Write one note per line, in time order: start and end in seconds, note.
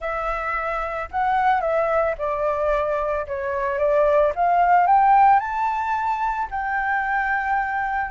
0.00 1.08 E5
1.11 1.60 F#5
1.60 2.14 E5
2.18 3.26 D5
3.26 3.78 C#5
3.78 4.32 D5
4.35 4.86 F5
4.86 5.39 G5
5.39 6.47 A5
6.50 8.10 G5